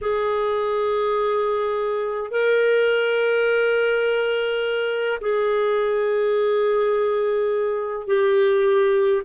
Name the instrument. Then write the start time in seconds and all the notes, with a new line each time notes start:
clarinet
0.01 G#4
2.30 A#4
5.20 G#4
8.07 G4